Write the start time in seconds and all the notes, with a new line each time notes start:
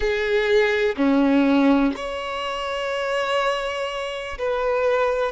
0.00 G#4
0.97 C#4
1.96 C#5
4.38 B4